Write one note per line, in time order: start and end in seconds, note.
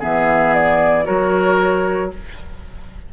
0.00 1.08 E3
0.00 1.05 B3
0.00 1.05 G#4
0.00 0.54 E5
0.54 1.06 D5
1.05 2.14 F#3
1.05 2.10 F#4
1.05 2.11 A#4
1.05 2.11 C#5